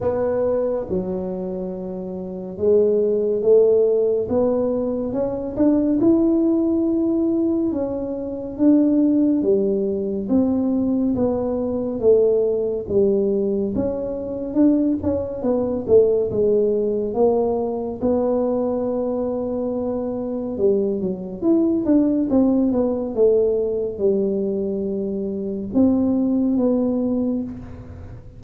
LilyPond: \new Staff \with { instrumentName = "tuba" } { \time 4/4 \tempo 4 = 70 b4 fis2 gis4 | a4 b4 cis'8 d'8 e'4~ | e'4 cis'4 d'4 g4 | c'4 b4 a4 g4 |
cis'4 d'8 cis'8 b8 a8 gis4 | ais4 b2. | g8 fis8 e'8 d'8 c'8 b8 a4 | g2 c'4 b4 | }